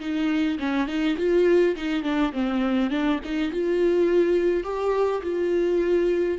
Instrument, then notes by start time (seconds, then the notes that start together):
viola
0.00 D#4
0.59 C#4
0.88 D#4
1.18 F4
1.76 D#4
2.03 D4
2.33 C4
2.90 D4
3.24 D#4
3.52 F4
4.64 G4
5.23 F4